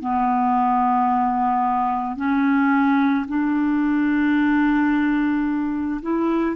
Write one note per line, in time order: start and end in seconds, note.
0.00 2.17 B3
2.17 3.26 C#4
3.28 6.01 D4
6.02 6.56 E4